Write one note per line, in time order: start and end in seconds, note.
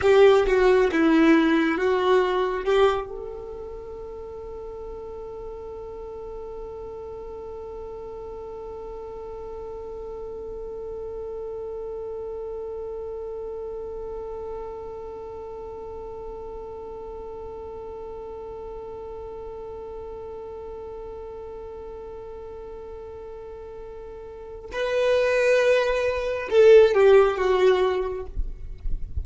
0.01 0.45 G4
0.46 0.90 F#4
0.92 1.77 E4
1.77 2.64 F#4
2.64 3.08 G4
3.08 24.70 A4
24.72 26.48 B4
26.49 26.94 A4
26.94 27.37 G4
27.37 28.26 F#4